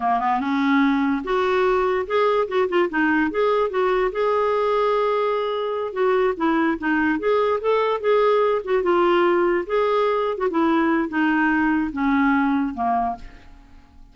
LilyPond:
\new Staff \with { instrumentName = "clarinet" } { \time 4/4 \tempo 4 = 146 ais8 b8 cis'2 fis'4~ | fis'4 gis'4 fis'8 f'8 dis'4 | gis'4 fis'4 gis'2~ | gis'2~ gis'8 fis'4 e'8~ |
e'8 dis'4 gis'4 a'4 gis'8~ | gis'4 fis'8 f'2 gis'8~ | gis'4~ gis'16 fis'16 e'4. dis'4~ | dis'4 cis'2 ais4 | }